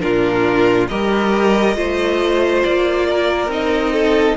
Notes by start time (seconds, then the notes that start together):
0.00 A#2 D4 F4 A#4
0.88 G3 G4 A#4 D#5
1.75 A3 F4 C5
2.63 A#3 D5
3.09 A#4
3.47 C4 D#4 D#5
3.92 A4